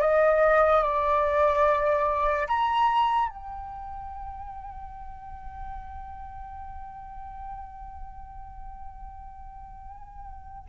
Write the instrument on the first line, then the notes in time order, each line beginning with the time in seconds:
flute
0.00 D#5
0.83 D5
2.47 A#5
3.29 G5